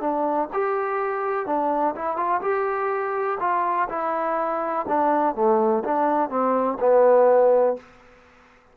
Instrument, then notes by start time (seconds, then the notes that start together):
trombone
0.00 D4
0.53 G4
1.46 D4
1.95 E4
2.16 F4
2.41 G4
3.40 F4
3.89 E4
4.88 D4
5.34 A3
5.84 D4
6.29 C4
6.80 B3